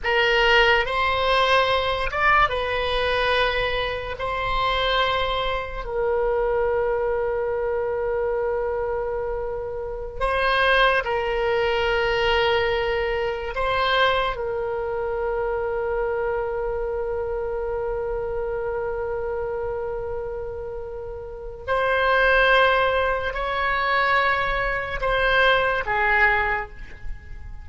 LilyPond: \new Staff \with { instrumentName = "oboe" } { \time 4/4 \tempo 4 = 72 ais'4 c''4. d''8 b'4~ | b'4 c''2 ais'4~ | ais'1~ | ais'16 c''4 ais'2~ ais'8.~ |
ais'16 c''4 ais'2~ ais'8.~ | ais'1~ | ais'2 c''2 | cis''2 c''4 gis'4 | }